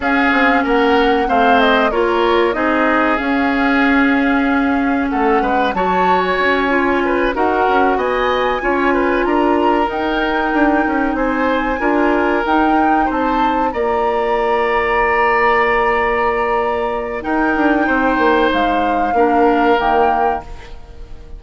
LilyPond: <<
  \new Staff \with { instrumentName = "flute" } { \time 4/4 \tempo 4 = 94 f''4 fis''4 f''8 dis''8 cis''4 | dis''4 f''2. | fis''4 a''8. gis''4.~ gis''16 fis''8~ | fis''8 gis''2 ais''4 g''8~ |
g''4. gis''2 g''8~ | g''8 a''4 ais''2~ ais''8~ | ais''2. g''4~ | g''4 f''2 g''4 | }
  \new Staff \with { instrumentName = "oboe" } { \time 4/4 gis'4 ais'4 c''4 ais'4 | gis'1 | a'8 b'8 cis''2 b'8 ais'8~ | ais'8 dis''4 cis''8 b'8 ais'4.~ |
ais'4. c''4 ais'4.~ | ais'8 c''4 d''2~ d''8~ | d''2. ais'4 | c''2 ais'2 | }
  \new Staff \with { instrumentName = "clarinet" } { \time 4/4 cis'2 c'4 f'4 | dis'4 cis'2.~ | cis'4 fis'4. f'4 fis'8~ | fis'4. f'2 dis'8~ |
dis'2~ dis'8 f'4 dis'8~ | dis'4. f'2~ f'8~ | f'2. dis'4~ | dis'2 d'4 ais4 | }
  \new Staff \with { instrumentName = "bassoon" } { \time 4/4 cis'8 c'8 ais4 a4 ais4 | c'4 cis'2. | a8 gis8 fis4 cis'4. dis'8 | cis'8 b4 cis'4 d'4 dis'8~ |
dis'8 d'8 cis'8 c'4 d'4 dis'8~ | dis'8 c'4 ais2~ ais8~ | ais2. dis'8 d'8 | c'8 ais8 gis4 ais4 dis4 | }
>>